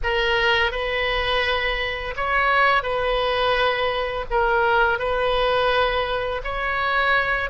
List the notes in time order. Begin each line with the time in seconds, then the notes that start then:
0.03 A#4
0.71 B4
2.16 C#5
2.82 B4
4.30 A#4
4.98 B4
6.44 C#5